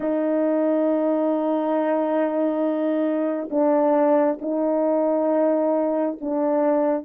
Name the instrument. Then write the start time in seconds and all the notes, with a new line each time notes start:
horn
0.00 D#4
3.50 D4
4.41 D#4
6.20 D4